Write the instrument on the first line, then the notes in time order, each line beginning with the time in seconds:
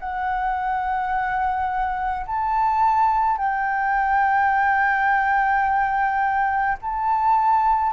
flute
0.00 F#5
2.27 A5
3.38 G5
6.82 A5